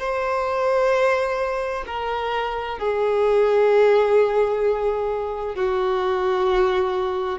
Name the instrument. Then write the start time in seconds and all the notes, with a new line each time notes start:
violin
0.00 C5
1.87 A#4
2.79 G#4
5.56 F#4